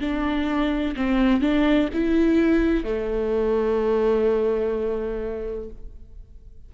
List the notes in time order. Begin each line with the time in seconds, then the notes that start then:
0.00 D4
0.96 C4
1.41 D4
1.94 E4
2.84 A3